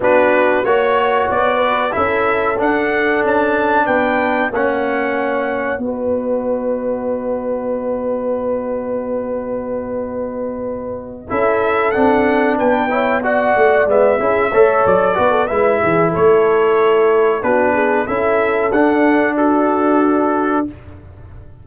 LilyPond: <<
  \new Staff \with { instrumentName = "trumpet" } { \time 4/4 \tempo 4 = 93 b'4 cis''4 d''4 e''4 | fis''4 a''4 g''4 fis''4~ | fis''4 dis''2.~ | dis''1~ |
dis''4. e''4 fis''4 g''8~ | g''8 fis''4 e''4. d''4 | e''4 cis''2 b'4 | e''4 fis''4 a'2 | }
  \new Staff \with { instrumentName = "horn" } { \time 4/4 fis'4 cis''4. b'8 a'4~ | a'2 b'4 cis''4~ | cis''4 b'2.~ | b'1~ |
b'4. a'2 b'8 | cis''8 d''4. gis'8 cis''4 b'16 a'16 | b'8 gis'8 a'2 fis'8 gis'8 | a'2 fis'2 | }
  \new Staff \with { instrumentName = "trombone" } { \time 4/4 d'4 fis'2 e'4 | d'2. cis'4~ | cis'4 fis'2.~ | fis'1~ |
fis'4. e'4 d'4. | e'8 fis'4 b8 e'8 a'4 fis'8 | e'2. d'4 | e'4 d'2. | }
  \new Staff \with { instrumentName = "tuba" } { \time 4/4 b4 ais4 b4 cis'4 | d'4 cis'4 b4 ais4~ | ais4 b2.~ | b1~ |
b4. cis'4 c'4 b8~ | b4 a8 gis8 cis'8 a8 fis8 b8 | gis8 e8 a2 b4 | cis'4 d'2. | }
>>